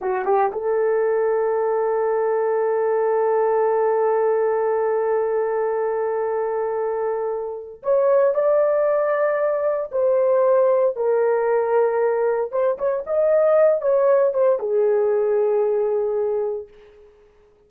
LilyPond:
\new Staff \with { instrumentName = "horn" } { \time 4/4 \tempo 4 = 115 fis'8 g'8 a'2.~ | a'1~ | a'1~ | a'2. cis''4 |
d''2. c''4~ | c''4 ais'2. | c''8 cis''8 dis''4. cis''4 c''8 | gis'1 | }